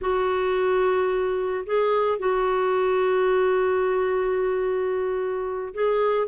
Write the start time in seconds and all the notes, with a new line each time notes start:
0.01 F#4
1.65 G#4
2.18 F#4
5.74 G#4